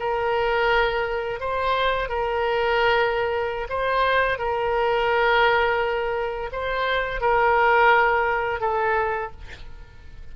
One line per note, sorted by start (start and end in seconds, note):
0.00 1.40 A#4
1.40 2.09 C5
2.09 3.68 A#4
3.70 4.39 C5
4.39 6.50 A#4
6.53 7.21 C5
7.21 8.61 A#4
8.61 9.32 A4